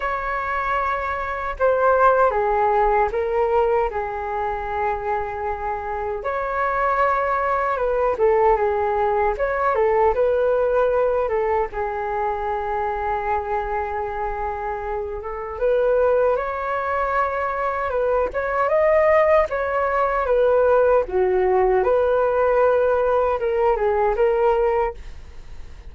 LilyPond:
\new Staff \with { instrumentName = "flute" } { \time 4/4 \tempo 4 = 77 cis''2 c''4 gis'4 | ais'4 gis'2. | cis''2 b'8 a'8 gis'4 | cis''8 a'8 b'4. a'8 gis'4~ |
gis'2.~ gis'8 a'8 | b'4 cis''2 b'8 cis''8 | dis''4 cis''4 b'4 fis'4 | b'2 ais'8 gis'8 ais'4 | }